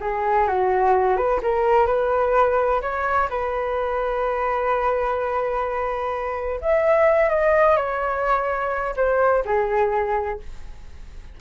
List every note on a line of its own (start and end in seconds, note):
0.00 0.47 G#4
0.47 1.17 F#4
1.17 1.40 B4
1.42 1.86 A#4
1.86 2.81 B4
2.81 3.29 C#5
3.29 6.60 B4
6.61 7.29 E5
7.29 7.76 D#5
7.76 8.94 C#5
8.96 9.43 C5
9.45 10.39 G#4